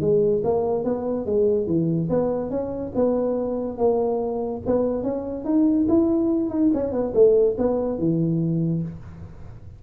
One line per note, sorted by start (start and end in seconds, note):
0.00 0.42 G#3
0.44 0.84 A#3
0.84 1.25 B3
1.25 1.66 G#3
1.66 2.08 E3
2.09 2.50 B3
2.50 2.92 C#4
2.95 3.78 B3
3.78 4.62 A#3
4.66 5.03 B3
5.03 5.44 C#4
5.44 5.86 D#4
5.88 6.49 E4
6.49 6.70 D#4
6.73 6.92 C#4
6.92 7.13 B3
7.14 7.56 A3
7.57 7.98 B3
7.98 8.82 E3